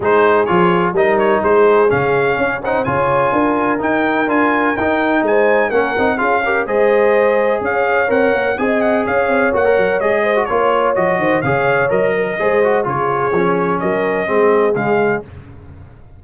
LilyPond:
<<
  \new Staff \with { instrumentName = "trumpet" } { \time 4/4 \tempo 4 = 126 c''4 cis''4 dis''8 cis''8 c''4 | f''4. fis''8 gis''2 | g''4 gis''4 g''4 gis''4 | fis''4 f''4 dis''2 |
f''4 fis''4 gis''8 fis''8 f''4 | fis''4 dis''4 cis''4 dis''4 | f''4 dis''2 cis''4~ | cis''4 dis''2 f''4 | }
  \new Staff \with { instrumentName = "horn" } { \time 4/4 gis'2 ais'4 gis'4~ | gis'4 cis''8 c''8 cis''4 ais'4~ | ais'2. c''4 | ais'4 gis'8 ais'8 c''2 |
cis''2 dis''4 cis''4~ | cis''4. c''8 cis''4. c''8 | cis''4. ais'8 c''4 gis'4~ | gis'4 ais'4 gis'2 | }
  \new Staff \with { instrumentName = "trombone" } { \time 4/4 dis'4 f'4 dis'2 | cis'4. dis'8 f'2 | dis'4 f'4 dis'2 | cis'8 dis'8 f'8 g'8 gis'2~ |
gis'4 ais'4 gis'2 | fis'16 ais'8. gis'8. fis'16 f'4 fis'4 | gis'4 ais'4 gis'8 fis'8 f'4 | cis'2 c'4 gis4 | }
  \new Staff \with { instrumentName = "tuba" } { \time 4/4 gis4 f4 g4 gis4 | cis4 cis'4 cis4 d'4 | dis'4 d'4 dis'4 gis4 | ais8 c'8 cis'4 gis2 |
cis'4 c'8 ais8 c'4 cis'8 c'8 | ais8 fis8 gis4 ais4 f8 dis8 | cis4 fis4 gis4 cis4 | f4 fis4 gis4 cis4 | }
>>